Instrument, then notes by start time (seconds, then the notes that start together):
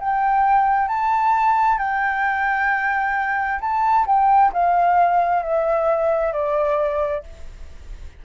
flute
0.00 G5
0.88 A5
1.79 G5
3.61 A5
4.07 G5
4.53 F5
5.43 E5
6.33 D5